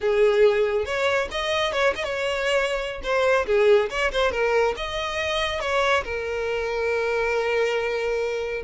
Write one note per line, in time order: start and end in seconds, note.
0.00 0.85 G#4
0.85 1.28 C#5
1.31 1.72 D#5
1.72 1.93 C#5
1.95 2.03 D#5
2.03 3.01 C#5
3.03 3.46 C5
3.46 3.89 G#4
3.90 4.11 C#5
4.12 4.31 C5
4.31 4.74 A#4
4.77 5.60 D#5
5.60 6.03 C#5
6.03 8.62 A#4